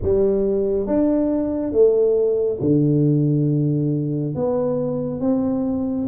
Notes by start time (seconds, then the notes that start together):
0.02 G3
0.86 D4
1.72 A3
2.60 D3
4.34 B3
5.20 C4